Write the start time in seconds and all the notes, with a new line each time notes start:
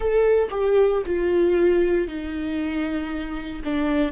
0.00 A4
0.50 G4
1.06 F4
2.07 D#4
3.64 D4